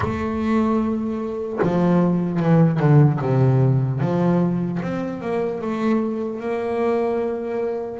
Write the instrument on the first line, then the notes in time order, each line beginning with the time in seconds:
double bass
0.00 A3
1.61 F3
2.39 E3
2.79 D3
3.21 C3
4.00 F3
4.82 C4
5.21 A#3
5.61 A3
6.40 A#3